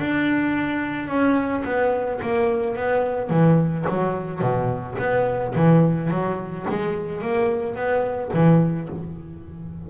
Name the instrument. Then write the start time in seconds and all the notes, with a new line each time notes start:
double bass
0.00 D4
1.09 C#4
1.65 B3
2.22 A#3
2.77 B3
3.30 E3
3.89 F#3
4.42 B2
4.99 B3
5.56 E3
6.11 F#3
6.70 G#3
7.22 A#3
7.76 B3
8.34 E3